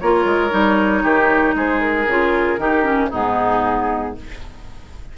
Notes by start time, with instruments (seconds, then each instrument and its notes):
0.00 bassoon A#3, clarinet F4, oboe A#4, flute C#5
0.25 bassoon G#3
0.50 bassoon G3, clarinet D#4
1.03 bassoon D#3, oboe G4
1.55 bassoon G#3, oboe G#4, flute C5
1.80 flute A#4
2.07 bassoon C#3, clarinet F4
2.58 bassoon D#3, clarinet D#4, oboe G4
2.84 clarinet C#4
3.10 bassoon G#2, clarinet B3, oboe D#4, flute G#4